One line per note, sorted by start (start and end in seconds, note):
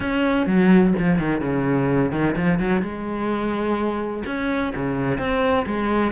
0.00 0.46 C#4
0.46 0.93 F#3
0.98 1.18 F3
1.18 1.40 D#3
1.40 2.11 C#3
2.11 2.35 D#3
2.36 2.59 F3
2.59 2.81 F#3
2.81 4.23 G#3
4.26 4.73 C#4
4.75 5.18 C#3
5.18 5.65 C4
5.66 6.12 G#3